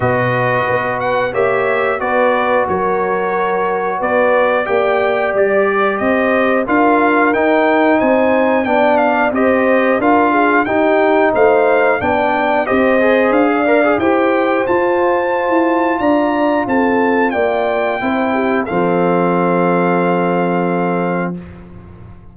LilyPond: <<
  \new Staff \with { instrumentName = "trumpet" } { \time 4/4 \tempo 4 = 90 dis''4. fis''8 e''4 d''4 | cis''2 d''4 g''4 | d''4 dis''4 f''4 g''4 | gis''4 g''8 f''8 dis''4 f''4 |
g''4 f''4 g''4 dis''4 | f''4 g''4 a''2 | ais''4 a''4 g''2 | f''1 | }
  \new Staff \with { instrumentName = "horn" } { \time 4/4 b'2 cis''4 b'4 | ais'2 b'4 d''4~ | d''4 c''4 ais'2 | c''4 d''4 c''4 ais'8 gis'8 |
g'4 c''4 d''4 c''4~ | c''16 d''8. c''2. | d''4 a'4 d''4 c''8 g'8 | a'1 | }
  \new Staff \with { instrumentName = "trombone" } { \time 4/4 fis'2 g'4 fis'4~ | fis'2. g'4~ | g'2 f'4 dis'4~ | dis'4 d'4 g'4 f'4 |
dis'2 d'4 g'8 gis'8~ | gis'8 ais'16 gis'16 g'4 f'2~ | f'2. e'4 | c'1 | }
  \new Staff \with { instrumentName = "tuba" } { \time 4/4 b,4 b4 ais4 b4 | fis2 b4 ais4 | g4 c'4 d'4 dis'4 | c'4 b4 c'4 d'4 |
dis'4 a4 b4 c'4 | d'4 e'4 f'4~ f'16 e'8. | d'4 c'4 ais4 c'4 | f1 | }
>>